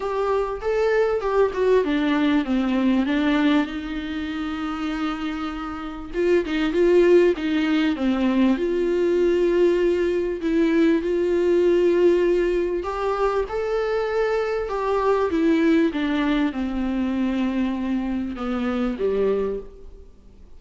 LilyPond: \new Staff \with { instrumentName = "viola" } { \time 4/4 \tempo 4 = 98 g'4 a'4 g'8 fis'8 d'4 | c'4 d'4 dis'2~ | dis'2 f'8 dis'8 f'4 | dis'4 c'4 f'2~ |
f'4 e'4 f'2~ | f'4 g'4 a'2 | g'4 e'4 d'4 c'4~ | c'2 b4 g4 | }